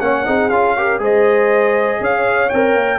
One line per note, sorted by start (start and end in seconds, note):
0.00 0.25 A#3
0.00 0.25 C#4
0.00 0.26 C#5
0.00 0.49 F#5
0.25 0.50 C4
0.25 0.50 D#4
0.25 0.76 G#4
0.49 0.99 C#4
0.49 0.77 F4
0.49 0.99 F5
0.76 0.99 G4
0.76 1.01 A#4
0.99 1.99 G#3
0.99 2.49 G#4
0.99 2.01 C5
0.99 2.04 D#5
2.00 2.50 C#4
2.00 2.99 C#5
2.00 2.49 F5
2.49 2.75 C4
2.49 2.99 A#4
2.49 2.99 G5
2.75 2.99 A#3